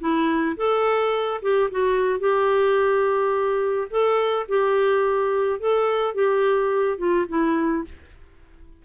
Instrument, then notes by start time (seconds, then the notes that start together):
clarinet
0.00 E4
0.57 A4
1.42 G4
1.71 F#4
2.20 G4
3.90 A4
4.49 G4
5.60 A4
6.15 G4
6.98 F4
7.29 E4